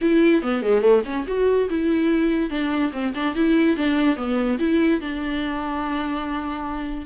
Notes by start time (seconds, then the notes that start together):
0.01 E4
0.42 B3
0.62 G#3
0.81 A3
1.05 C#4
1.27 F#4
1.69 E4
2.50 D4
2.92 C4
3.14 D4
3.35 E4
3.76 D4
4.16 B3
4.59 E4
5.00 D4